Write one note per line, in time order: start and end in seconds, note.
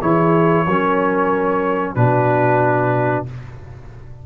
0.00 0.66 E3
0.00 0.66 E4
0.00 0.65 G#4
0.00 1.95 C#5
0.66 1.96 F#3
0.66 1.96 C#4
0.66 1.95 A#4
1.95 3.26 B2
1.95 3.26 D4
1.95 3.25 F#4
1.95 3.25 B4